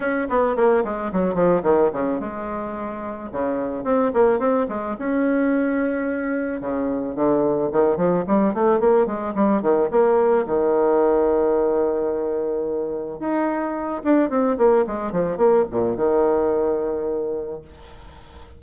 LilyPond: \new Staff \with { instrumentName = "bassoon" } { \time 4/4 \tempo 4 = 109 cis'8 b8 ais8 gis8 fis8 f8 dis8 cis8 | gis2 cis4 c'8 ais8 | c'8 gis8 cis'2. | cis4 d4 dis8 f8 g8 a8 |
ais8 gis8 g8 dis8 ais4 dis4~ | dis1 | dis'4. d'8 c'8 ais8 gis8 f8 | ais8 ais,8 dis2. | }